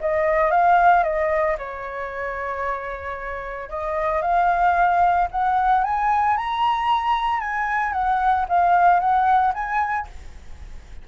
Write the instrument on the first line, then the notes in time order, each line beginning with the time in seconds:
flute
0.00 D#5
0.51 F5
1.03 D#5
1.58 C#5
3.69 D#5
4.22 F5
5.30 F#5
5.84 G#5
6.37 A#5
7.40 G#5
7.92 F#5
8.48 F5
9.00 F#5
9.54 G#5